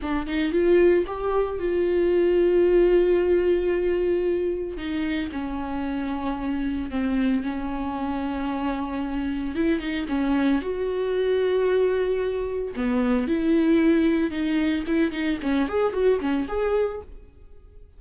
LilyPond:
\new Staff \with { instrumentName = "viola" } { \time 4/4 \tempo 4 = 113 d'8 dis'8 f'4 g'4 f'4~ | f'1~ | f'4 dis'4 cis'2~ | cis'4 c'4 cis'2~ |
cis'2 e'8 dis'8 cis'4 | fis'1 | b4 e'2 dis'4 | e'8 dis'8 cis'8 gis'8 fis'8 cis'8 gis'4 | }